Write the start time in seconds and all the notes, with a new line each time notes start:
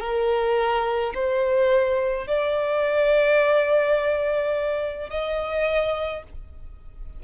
0.00 A#4
1.14 C5
2.26 D5
5.09 D#5